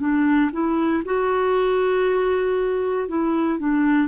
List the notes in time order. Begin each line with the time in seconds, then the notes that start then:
0.00 D4
0.53 E4
1.05 F#4
3.09 E4
3.60 D4